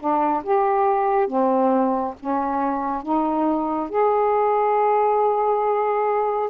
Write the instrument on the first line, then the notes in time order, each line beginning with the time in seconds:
saxophone
0.00 D4
0.44 G4
1.28 C4
2.20 C#4
3.03 D#4
3.90 G#4